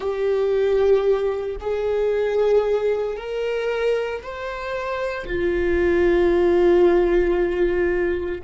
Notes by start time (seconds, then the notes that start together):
0.00 G4
1.59 G#4
3.16 A#4
4.22 C5
5.25 F4